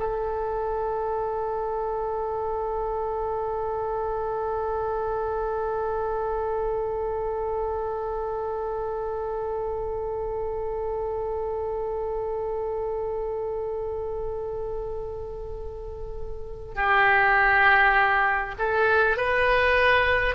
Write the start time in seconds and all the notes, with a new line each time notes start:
0.00 A4
16.76 G4
18.59 A4
19.17 B4